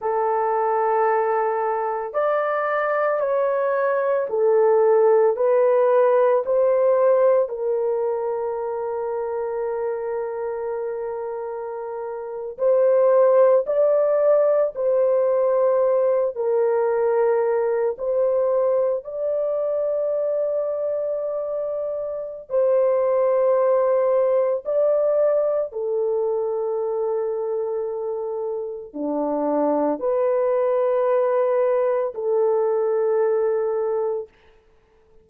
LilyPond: \new Staff \with { instrumentName = "horn" } { \time 4/4 \tempo 4 = 56 a'2 d''4 cis''4 | a'4 b'4 c''4 ais'4~ | ais'2.~ ais'8. c''16~ | c''8. d''4 c''4. ais'8.~ |
ais'8. c''4 d''2~ d''16~ | d''4 c''2 d''4 | a'2. d'4 | b'2 a'2 | }